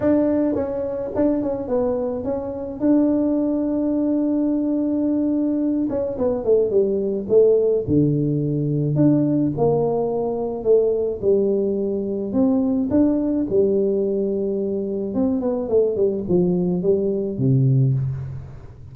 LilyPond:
\new Staff \with { instrumentName = "tuba" } { \time 4/4 \tempo 4 = 107 d'4 cis'4 d'8 cis'8 b4 | cis'4 d'2.~ | d'2~ d'8 cis'8 b8 a8 | g4 a4 d2 |
d'4 ais2 a4 | g2 c'4 d'4 | g2. c'8 b8 | a8 g8 f4 g4 c4 | }